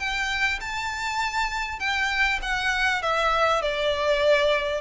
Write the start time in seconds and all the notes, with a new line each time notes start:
0.00 G5
0.61 A5
1.80 G5
2.42 F#5
3.02 E5
3.62 D5